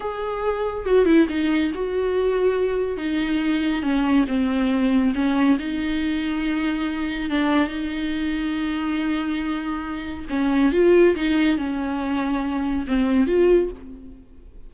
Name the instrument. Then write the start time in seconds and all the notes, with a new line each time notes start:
viola
0.00 G#4
0.85 F#4
1.05 E4
1.29 D#4
1.74 F#4
2.97 D#4
3.82 C#4
4.27 C4
5.14 C#4
5.58 D#4
7.30 D4
7.68 D#4
10.29 C#4
10.72 F4
11.15 D#4
11.57 C#4
12.87 C4
13.26 F4